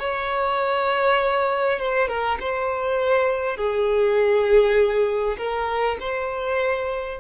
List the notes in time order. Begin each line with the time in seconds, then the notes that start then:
0.00 C#5
1.80 C5
2.09 A#4
2.41 C5
3.57 G#4
5.38 A#4
6.01 C5